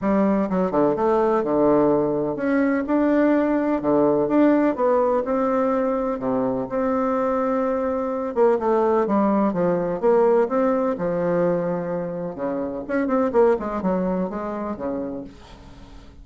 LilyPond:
\new Staff \with { instrumentName = "bassoon" } { \time 4/4 \tempo 4 = 126 g4 fis8 d8 a4 d4~ | d4 cis'4 d'2 | d4 d'4 b4 c'4~ | c'4 c4 c'2~ |
c'4. ais8 a4 g4 | f4 ais4 c'4 f4~ | f2 cis4 cis'8 c'8 | ais8 gis8 fis4 gis4 cis4 | }